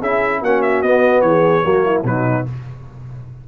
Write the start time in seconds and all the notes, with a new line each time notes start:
0.00 C#4 E4 G#4 E5
0.42 A#3 C#4 F#4 F#5
0.62 E5
0.82 B3 D#5
1.21 E3 G#4 C#5
1.64 F#3 A#3 F#4
1.86 E4
2.03 B2 F#3 D#4 B4